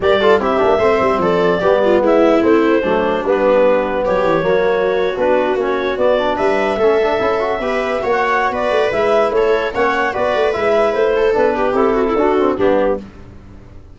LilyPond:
<<
  \new Staff \with { instrumentName = "clarinet" } { \time 4/4 \tempo 4 = 148 d''4 e''2 d''4~ | d''4 e''4 c''2 | b'2 cis''2~ | cis''8. b'4 cis''4 d''4 e''16~ |
e''1 | fis''4 d''4 e''4 cis''4 | fis''4 d''4 e''4 c''4 | b'4 a'2 g'4 | }
  \new Staff \with { instrumentName = "viola" } { \time 4/4 ais'8 a'8 g'4 c''4 a'4 | g'8 f'8 e'2 d'4~ | d'2 g'4 fis'4~ | fis'2.~ fis'8. b'16~ |
b'8. a'2 b'4 cis''16~ | cis''4 b'2 a'4 | cis''4 b'2~ b'8 a'8~ | a'8 g'4 fis'16 e'16 fis'4 d'4 | }
  \new Staff \with { instrumentName = "trombone" } { \time 4/4 g'8 f'8 e'8 d'8 c'2 | b2 c'4 a4 | b2. ais4~ | ais8. d'4 cis'4 b8 d'8.~ |
d'8. cis'8 d'8 e'8 fis'8 g'4 fis'16~ | fis'2 e'2 | cis'4 fis'4 e'2 | d'4 e'4 d'8 c'8 b4 | }
  \new Staff \with { instrumentName = "tuba" } { \time 4/4 g4 c'8 ais8 a8 g8 f4 | g4 gis4 a4 fis4 | g2 fis8 e8 fis4~ | fis8. b4 ais4 b4 g16~ |
g8. a4 cis'4 b4 ais16~ | ais4 b8 a8 gis4 a4 | ais4 b8 a8 gis4 a4 | b4 c'4 d'4 g4 | }
>>